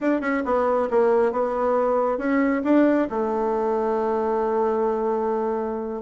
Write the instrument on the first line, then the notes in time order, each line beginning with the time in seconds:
bassoon
0.00 D4
0.21 C#4
0.45 B3
0.90 A#3
1.31 B3
2.18 C#4
2.64 D4
3.10 A3